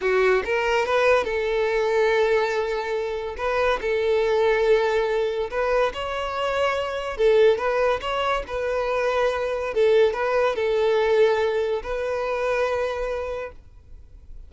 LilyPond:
\new Staff \with { instrumentName = "violin" } { \time 4/4 \tempo 4 = 142 fis'4 ais'4 b'4 a'4~ | a'1 | b'4 a'2.~ | a'4 b'4 cis''2~ |
cis''4 a'4 b'4 cis''4 | b'2. a'4 | b'4 a'2. | b'1 | }